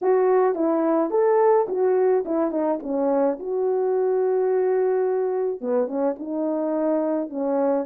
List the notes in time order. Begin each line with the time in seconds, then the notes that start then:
0.01 F#4
0.55 E4
1.10 A4
1.68 F#4
2.25 E4
2.51 D#4
2.82 C#4
3.39 F#4
5.60 B3
5.87 C#4
6.18 D#4
7.29 C#4